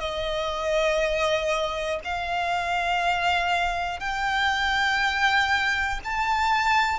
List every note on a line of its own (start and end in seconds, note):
0.00 2.00 D#5
2.05 4.00 F5
4.00 6.00 G5
6.05 7.00 A5